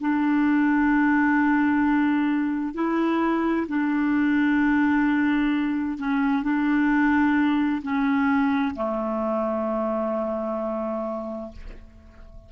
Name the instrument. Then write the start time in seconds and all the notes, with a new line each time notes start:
clarinet
0.00 D4
2.74 E4
3.68 D4
5.98 C#4
6.43 D4
7.83 C#4
8.75 A3